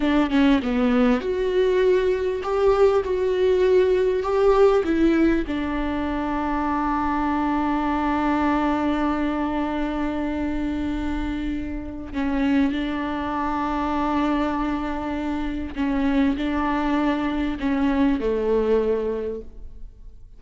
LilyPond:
\new Staff \with { instrumentName = "viola" } { \time 4/4 \tempo 4 = 99 d'8 cis'8 b4 fis'2 | g'4 fis'2 g'4 | e'4 d'2.~ | d'1~ |
d'1 | cis'4 d'2.~ | d'2 cis'4 d'4~ | d'4 cis'4 a2 | }